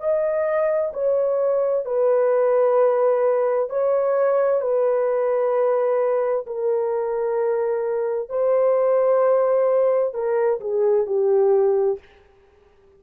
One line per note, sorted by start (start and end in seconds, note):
0.00 0.92 D#5
0.94 1.85 C#5
1.85 3.70 B4
3.70 4.61 C#5
4.61 6.46 B4
6.47 8.30 A#4
8.30 10.14 C5
10.14 10.60 A#4
10.60 11.06 G#4
11.07 11.99 G4